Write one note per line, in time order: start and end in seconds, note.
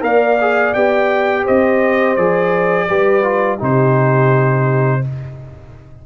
0.00 0.73 A#3
0.00 0.36 A#4
0.00 1.43 D5
0.00 0.73 F5
0.40 0.75 G#4
0.73 1.46 B3
0.73 2.17 G4
0.73 1.45 G5
1.43 2.16 C4
1.43 2.86 C5
1.43 2.15 D#5
2.15 2.88 F3
2.15 2.88 G#4
2.15 3.58 D5
2.88 3.60 G3
2.88 3.23 G4
2.88 3.58 B4
3.23 3.58 F4
3.58 5.04 C3
3.58 5.01 D#4
3.58 5.01 G4
3.58 5.06 C5